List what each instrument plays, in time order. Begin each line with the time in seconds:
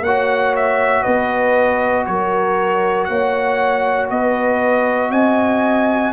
0.00 tuba A#3, horn C#5, trumpet F#5
0.06 trombone F#4
0.56 trumpet E5
1.02 tuba B3, horn B4, trumpet D#5
2.06 tuba F#3, horn A#4, trumpet C#5
3.04 tuba A#3, horn C#5, trumpet F#5
4.10 tuba B3, horn B4, trumpet D#5
5.10 tuba C4, horn D#5, trumpet G#5